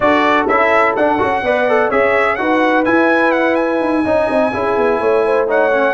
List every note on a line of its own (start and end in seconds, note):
0.00 0.47 D4
0.00 0.48 F#4
0.00 1.43 A4
0.00 0.46 D5
0.47 0.95 C#4
0.47 0.97 E4
0.47 0.95 E5
0.96 1.21 D4
0.96 1.18 D4
0.96 1.90 F#5
1.18 1.42 C#4
1.18 1.42 F#4
1.42 1.89 B3
1.42 1.68 B4
1.42 1.88 D5
1.68 1.91 A4
1.88 2.38 C#4
1.88 2.38 G#4
1.88 2.36 C#5
1.88 2.35 E5
2.35 2.86 D#4
2.35 2.85 F#4
2.35 4.04 B4
2.35 2.83 F#5
2.84 4.04 E4
2.84 3.80 E4
2.84 3.31 G#5
3.31 3.55 F#5
3.55 5.45 G#5
3.80 4.04 D#4
4.04 4.28 C#4
4.04 4.52 D#4
4.04 4.51 D#5
4.29 4.53 C4
4.53 4.77 C#4
4.53 5.47 E4
4.53 5.00 G#4
4.77 4.99 B3
4.99 5.93 A3
4.99 5.23 C#5
5.25 5.46 C5
5.46 5.71 D#4
5.46 5.93 C#5
5.46 5.93 F#5
5.71 5.93 C#4